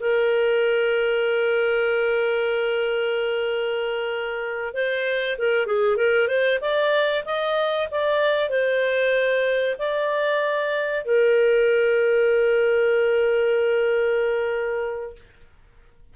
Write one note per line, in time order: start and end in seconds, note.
0.00 4.74 A#4
4.74 5.37 C5
5.38 5.66 A#4
5.66 5.96 G#4
5.96 6.28 A#4
6.28 6.59 C5
6.61 7.24 D5
7.25 7.88 D#5
7.91 8.49 D5
8.49 9.76 C5
9.79 11.05 D5
11.05 15.16 A#4